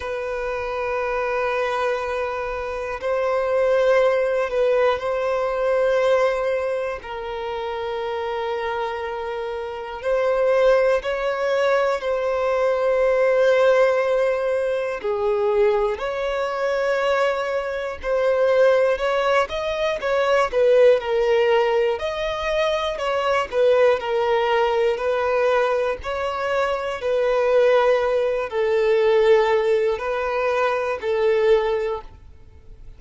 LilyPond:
\new Staff \with { instrumentName = "violin" } { \time 4/4 \tempo 4 = 60 b'2. c''4~ | c''8 b'8 c''2 ais'4~ | ais'2 c''4 cis''4 | c''2. gis'4 |
cis''2 c''4 cis''8 dis''8 | cis''8 b'8 ais'4 dis''4 cis''8 b'8 | ais'4 b'4 cis''4 b'4~ | b'8 a'4. b'4 a'4 | }